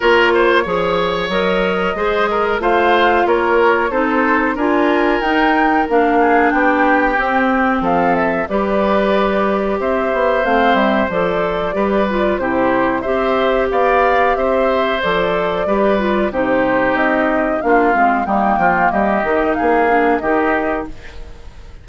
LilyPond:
<<
  \new Staff \with { instrumentName = "flute" } { \time 4/4 \tempo 4 = 92 cis''2 dis''2 | f''4 cis''4 c''4 gis''4 | g''4 f''4 g''2 | f''8 e''8 d''2 e''4 |
f''8 e''8 d''2 c''4 | e''4 f''4 e''4 d''4~ | d''4 c''4 dis''4 f''4 | g''4 dis''4 f''4 dis''4 | }
  \new Staff \with { instrumentName = "oboe" } { \time 4/4 ais'8 c''8 cis''2 c''8 ais'8 | c''4 ais'4 a'4 ais'4~ | ais'4. gis'8 g'2 | a'4 b'2 c''4~ |
c''2 b'4 g'4 | c''4 d''4 c''2 | b'4 g'2 f'4 | dis'8 f'8 g'4 gis'4 g'4 | }
  \new Staff \with { instrumentName = "clarinet" } { \time 4/4 f'4 gis'4 ais'4 gis'4 | f'2 dis'4 f'4 | dis'4 d'2 c'4~ | c'4 g'2. |
c'4 a'4 g'8 f'8 e'4 | g'2. a'4 | g'8 f'8 dis'2 d'8 c'8 | ais4. dis'4 d'8 dis'4 | }
  \new Staff \with { instrumentName = "bassoon" } { \time 4/4 ais4 f4 fis4 gis4 | a4 ais4 c'4 d'4 | dis'4 ais4 b4 c'4 | f4 g2 c'8 b8 |
a8 g8 f4 g4 c4 | c'4 b4 c'4 f4 | g4 c4 c'4 ais8 gis8 | g8 f8 g8 dis8 ais4 dis4 | }
>>